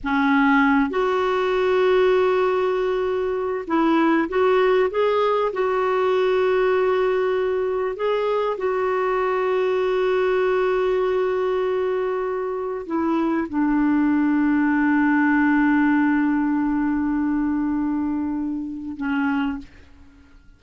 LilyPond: \new Staff \with { instrumentName = "clarinet" } { \time 4/4 \tempo 4 = 98 cis'4. fis'2~ fis'8~ | fis'2 e'4 fis'4 | gis'4 fis'2.~ | fis'4 gis'4 fis'2~ |
fis'1~ | fis'4 e'4 d'2~ | d'1~ | d'2. cis'4 | }